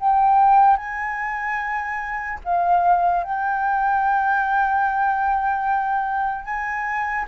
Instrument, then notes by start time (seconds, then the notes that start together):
flute
0.00 G5
0.77 G#5
2.45 F5
3.24 G5
6.45 G#5